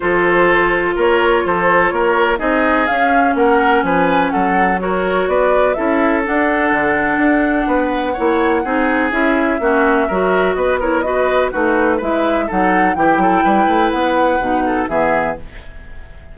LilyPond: <<
  \new Staff \with { instrumentName = "flute" } { \time 4/4 \tempo 4 = 125 c''2 cis''4 c''4 | cis''4 dis''4 f''4 fis''4 | gis''4 fis''4 cis''4 d''4 | e''4 fis''2.~ |
fis''2. e''4~ | e''2 dis''8 cis''8 dis''4 | b'4 e''4 fis''4 g''4~ | g''4 fis''2 e''4 | }
  \new Staff \with { instrumentName = "oboe" } { \time 4/4 a'2 ais'4 a'4 | ais'4 gis'2 ais'4 | b'4 a'4 ais'4 b'4 | a'1 |
b'4 cis''4 gis'2 | fis'4 ais'4 b'8 ais'8 b'4 | fis'4 b'4 a'4 g'8 a'8 | b'2~ b'8 a'8 gis'4 | }
  \new Staff \with { instrumentName = "clarinet" } { \time 4/4 f'1~ | f'4 dis'4 cis'2~ | cis'2 fis'2 | e'4 d'2.~ |
d'4 e'4 dis'4 e'4 | cis'4 fis'4. e'8 fis'4 | dis'4 e'4 dis'4 e'4~ | e'2 dis'4 b4 | }
  \new Staff \with { instrumentName = "bassoon" } { \time 4/4 f2 ais4 f4 | ais4 c'4 cis'4 ais4 | f4 fis2 b4 | cis'4 d'4 d4 d'4 |
b4 ais4 c'4 cis'4 | ais4 fis4 b2 | a4 gis4 fis4 e8 fis8 | g8 a8 b4 b,4 e4 | }
>>